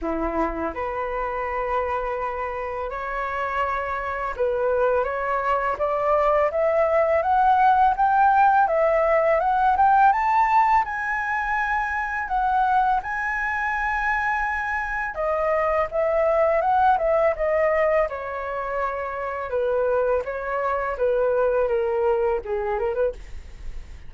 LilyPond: \new Staff \with { instrumentName = "flute" } { \time 4/4 \tempo 4 = 83 e'4 b'2. | cis''2 b'4 cis''4 | d''4 e''4 fis''4 g''4 | e''4 fis''8 g''8 a''4 gis''4~ |
gis''4 fis''4 gis''2~ | gis''4 dis''4 e''4 fis''8 e''8 | dis''4 cis''2 b'4 | cis''4 b'4 ais'4 gis'8 ais'16 b'16 | }